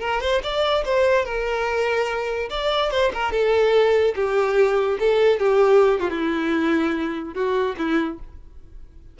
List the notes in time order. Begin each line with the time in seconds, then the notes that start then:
0.00 A#4
0.21 C5
0.42 D5
0.85 C5
1.25 A#4
2.49 D5
2.91 C5
3.13 A#4
3.31 A4
4.15 G4
4.99 A4
5.39 G4
5.99 F4
6.10 E4
7.34 F#4
7.77 E4